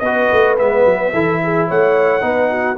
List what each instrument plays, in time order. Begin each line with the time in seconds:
0.00 tuba B3, trombone F#4, horn B4, trumpet D#5
0.33 tuba A3
0.58 tuba G#3, trombone B3, trumpet E5
0.86 tuba F#3
1.13 tuba E3, trombone E4, horn A4
1.44 horn G#4
1.68 tuba A3, horn C#5, trumpet F#5
2.21 tuba B3, trombone D#4, horn B4
2.51 horn F#4